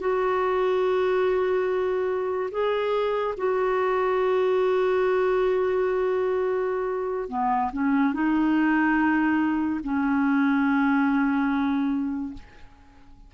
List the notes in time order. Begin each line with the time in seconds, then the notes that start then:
0.00 F#4
2.51 G#4
3.37 F#4
7.29 B3
7.73 C#4
8.14 D#4
9.84 C#4